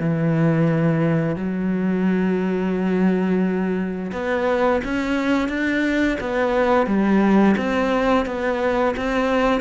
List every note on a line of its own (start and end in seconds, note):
0.00 1.36 E3
1.36 4.12 F#3
4.13 4.82 B3
4.85 5.49 C#4
5.49 6.18 D4
6.21 6.87 B3
6.87 7.56 G3
7.57 8.26 C4
8.26 8.95 B3
8.97 9.61 C4